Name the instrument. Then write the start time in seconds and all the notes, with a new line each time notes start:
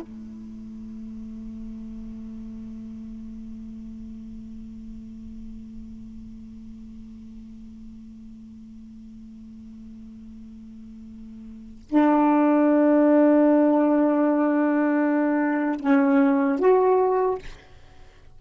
saxophone
0.00 A3
11.89 D4
15.80 C#4
16.59 F#4